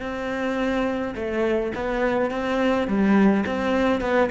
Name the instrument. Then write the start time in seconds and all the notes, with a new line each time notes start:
cello
0.00 C4
1.15 A3
1.75 B3
2.30 C4
2.87 G3
3.46 C4
4.01 B3